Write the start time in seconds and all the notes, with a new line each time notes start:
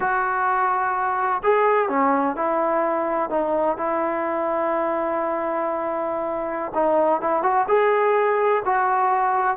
0.00 F#4
1.43 G#4
1.88 C#4
2.36 E4
3.29 D#4
3.77 E4
6.74 D#4
7.21 E4
7.43 F#4
7.68 G#4
8.65 F#4